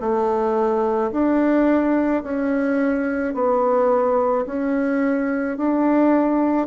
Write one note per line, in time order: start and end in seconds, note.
0.00 1.11 A3
1.12 2.23 D4
2.23 3.34 C#4
3.34 4.45 B3
4.46 5.57 C#4
5.57 6.67 D4